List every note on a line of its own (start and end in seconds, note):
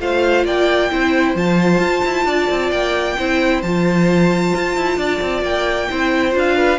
0.00 0.45 A3
0.00 0.91 F4
0.00 0.46 C5
0.00 0.46 F5
0.45 0.91 A#3
0.45 0.91 D5
0.45 1.37 G5
0.91 1.35 C4
0.91 1.37 E4
0.91 2.27 C5
1.35 1.80 F3
1.35 3.18 F4
1.35 2.71 A5
1.80 2.02 F4
2.06 2.25 E4
2.25 2.48 D4
2.25 3.18 D5
2.51 2.71 C4
2.71 3.17 A#3
2.71 3.62 G5
3.18 3.63 C4
3.18 3.65 E4
3.18 4.99 C5
3.62 4.54 F3
3.62 5.91 F4
3.62 5.44 A5
4.55 4.77 F4
4.77 4.97 E4
4.97 5.20 D4
4.97 5.89 D5
5.22 5.43 C4
5.43 5.88 A#3
5.43 6.35 G5
5.91 6.35 C4
5.91 6.32 E4
5.91 6.57 C5
6.32 6.79 D4
6.32 6.78 F4
6.39 6.79 F5
6.57 6.79 B4